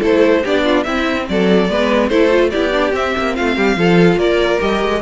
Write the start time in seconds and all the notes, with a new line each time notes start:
0.00 A3 E4 A4 C5
0.43 B3 D4 G4 D5
0.64 F4
0.84 C4 E4 E5
1.29 F#3 A4 D5
1.69 G#3 B3 B4
2.08 A3 E4 A4 C5
2.30 F4
2.51 B3 E4 G4 D5
2.72 D4
2.93 C4 E5
3.18 A#3
3.35 A3 F4 F5
3.56 G3 G4
3.76 F3 F4 A4
4.16 A#3 A#4 D5
4.59 G3 G4 D#5
4.82 G#3